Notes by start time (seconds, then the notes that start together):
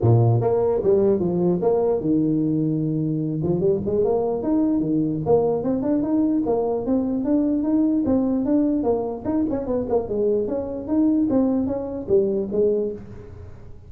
0.01 A#2
0.40 A#3
0.83 G3
1.19 F3
1.61 A#3
2.00 D#3
3.43 F3
3.60 G3
3.85 G#3
4.04 A#3
4.42 D#4
4.79 D#3
5.25 A#3
5.63 C4
5.82 D4
6.02 D#4
6.45 A#3
6.86 C4
7.24 D4
7.63 D#4
8.05 C4
8.45 D4
8.83 A#3
9.25 D#4
9.50 C#4
9.66 B3
9.89 A#3
10.08 G#3
10.47 C#4
10.87 D#4
11.30 C4
11.66 C#4
12.08 G3
12.51 G#3